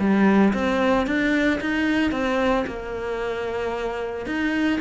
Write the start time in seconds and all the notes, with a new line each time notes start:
0.00 G3
0.54 C4
1.07 D4
1.61 D#4
2.12 C4
2.67 A#3
4.27 D#4